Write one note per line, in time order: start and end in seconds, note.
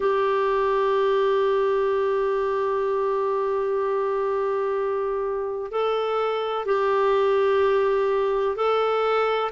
0.00 5.71 G4
5.71 6.65 A4
6.65 8.55 G4
8.55 9.51 A4